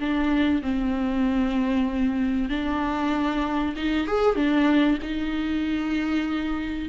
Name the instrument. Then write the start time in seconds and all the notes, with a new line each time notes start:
viola
0.00 D4
0.62 C4
2.49 D4
3.76 D#4
4.07 G#4
4.36 D4
5.02 D#4